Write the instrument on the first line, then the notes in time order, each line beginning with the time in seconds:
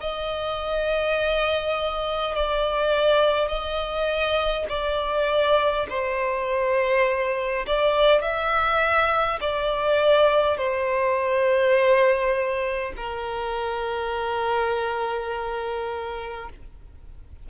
violin
0.00 D#5
2.35 D5
3.48 D#5
4.69 D5
5.89 C5
7.67 D5
8.21 E5
9.40 D5
10.57 C5
12.96 A#4